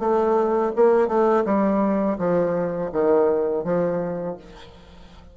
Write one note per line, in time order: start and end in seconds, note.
0.00 0.72 A3
0.76 1.08 A#3
1.08 1.44 A3
1.46 2.18 G3
2.19 2.91 F3
2.92 3.64 D#3
3.64 4.37 F3